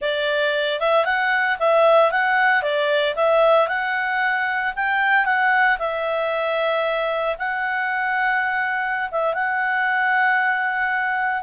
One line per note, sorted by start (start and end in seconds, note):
0.01 0.80 D5
0.80 1.05 E5
1.05 1.57 F#5
1.59 2.11 E5
2.11 2.62 F#5
2.62 3.14 D5
3.15 3.68 E5
3.68 4.73 F#5
4.75 5.25 G5
5.25 5.78 F#5
5.78 7.36 E5
7.38 9.09 F#5
9.11 9.34 E5
9.34 11.42 F#5